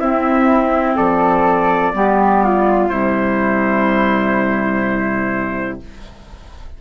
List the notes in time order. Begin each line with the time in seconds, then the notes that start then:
0.00 C4 E4 E5
0.96 F3 A4 D5
1.94 G3 B3 G4
2.44 F4
2.89 C3 G3 E4 C5